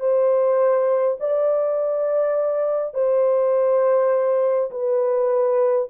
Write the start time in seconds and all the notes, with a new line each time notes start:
0.00 C5
1.20 D5
2.94 C5
4.71 B4